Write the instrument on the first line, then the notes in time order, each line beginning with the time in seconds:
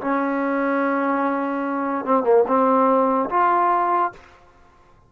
trombone
0.00 C#4
2.04 C4
2.23 A#3
2.47 C4
3.30 F4